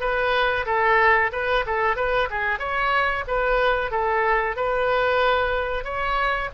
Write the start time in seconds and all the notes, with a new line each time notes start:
0.00 B4
0.66 A4
1.32 B4
1.66 A4
1.96 B4
2.30 G#4
2.59 C#5
3.27 B4
3.91 A4
4.56 B4
5.84 C#5